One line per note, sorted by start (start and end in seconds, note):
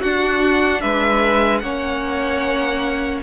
0.00 0.83 D4
0.00 1.63 D4
0.00 0.80 F#4
0.00 0.81 F#5
0.81 1.62 G#3
0.81 1.61 B4
0.81 1.59 E5
1.59 3.22 A#3
1.59 3.23 C#4
1.59 3.23 C#5
1.59 3.19 F#5